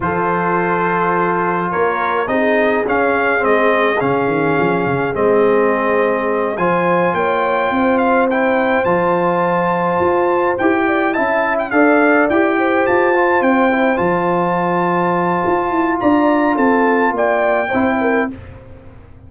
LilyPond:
<<
  \new Staff \with { instrumentName = "trumpet" } { \time 4/4 \tempo 4 = 105 c''2. cis''4 | dis''4 f''4 dis''4 f''4~ | f''4 dis''2~ dis''8 gis''8~ | gis''8 g''4. f''8 g''4 a''8~ |
a''2~ a''8 g''4 a''8~ | a''16 g''16 f''4 g''4 a''4 g''8~ | g''8 a''2.~ a''8 | ais''4 a''4 g''2 | }
  \new Staff \with { instrumentName = "horn" } { \time 4/4 a'2. ais'4 | gis'1~ | gis'2.~ gis'8 c''8~ | c''8 cis''4 c''2~ c''8~ |
c''2. d''8 e''8~ | e''8 d''4. c''2~ | c''1 | d''4 a'4 d''4 c''8 ais'8 | }
  \new Staff \with { instrumentName = "trombone" } { \time 4/4 f'1 | dis'4 cis'4 c'4 cis'4~ | cis'4 c'2~ c'8 f'8~ | f'2~ f'8 e'4 f'8~ |
f'2~ f'8 g'4 e'8~ | e'8 a'4 g'4. f'4 | e'8 f'2.~ f'8~ | f'2. e'4 | }
  \new Staff \with { instrumentName = "tuba" } { \time 4/4 f2. ais4 | c'4 cis'4 gis4 cis8 dis8 | f8 cis8 gis2~ gis8 f8~ | f8 ais4 c'2 f8~ |
f4. f'4 e'4 cis'8~ | cis'8 d'4 e'4 f'4 c'8~ | c'8 f2~ f8 f'8 e'8 | d'4 c'4 ais4 c'4 | }
>>